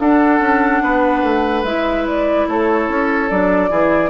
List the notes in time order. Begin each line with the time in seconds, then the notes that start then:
0.00 D4 A4 F#5
0.40 C#4
0.83 B3 B4
1.23 A3
1.64 G#3 E4 E5
2.07 D5
2.48 A3 A4 C#5
2.89 C#4
3.30 F#3 D4 D5
3.69 E3 E4 G#4